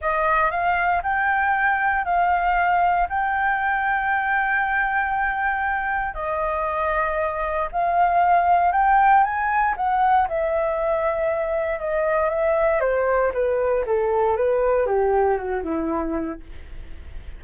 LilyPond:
\new Staff \with { instrumentName = "flute" } { \time 4/4 \tempo 4 = 117 dis''4 f''4 g''2 | f''2 g''2~ | g''1 | dis''2. f''4~ |
f''4 g''4 gis''4 fis''4 | e''2. dis''4 | e''4 c''4 b'4 a'4 | b'4 g'4 fis'8 e'4. | }